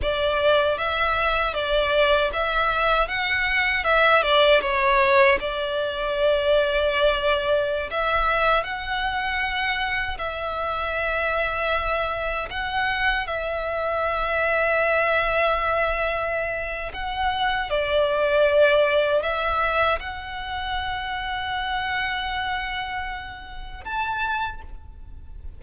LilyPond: \new Staff \with { instrumentName = "violin" } { \time 4/4 \tempo 4 = 78 d''4 e''4 d''4 e''4 | fis''4 e''8 d''8 cis''4 d''4~ | d''2~ d''16 e''4 fis''8.~ | fis''4~ fis''16 e''2~ e''8.~ |
e''16 fis''4 e''2~ e''8.~ | e''2 fis''4 d''4~ | d''4 e''4 fis''2~ | fis''2. a''4 | }